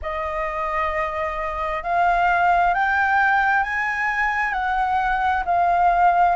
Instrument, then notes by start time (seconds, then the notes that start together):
flute
0.02 D#5
1.83 F5
2.74 G5
3.63 G#5
4.52 F#5
5.45 F5